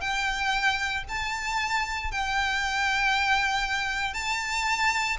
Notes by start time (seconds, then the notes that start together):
0.00 G5
1.08 A5
2.11 G5
4.13 A5